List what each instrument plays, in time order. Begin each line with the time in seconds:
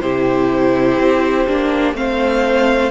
0.00 cello C3, viola E4, violin G4 C5
0.98 cello C4
1.47 cello A#3, viola D4
1.93 cello A3, viola C4, violin C5 F5